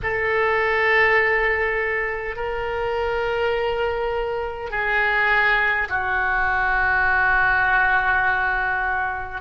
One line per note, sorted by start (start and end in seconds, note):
0.02 2.36 A4
2.36 4.70 A#4
4.70 5.88 G#4
5.89 9.41 F#4